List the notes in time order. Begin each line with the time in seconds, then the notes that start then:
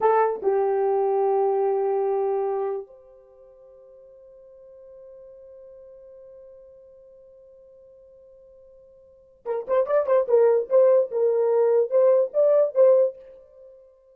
0.00 A4
0.42 G4
2.86 C5
9.45 A#4
9.67 C5
9.86 D5
10.06 C5
10.28 A#4
10.69 C5
11.11 A#4
11.90 C5
12.33 D5
12.74 C5